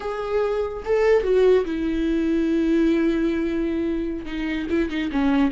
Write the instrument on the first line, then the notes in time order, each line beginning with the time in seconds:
viola
0.00 G#4
0.85 A4
1.23 F#4
1.65 E4
4.25 D#4
4.69 E4
4.89 D#4
5.12 C#4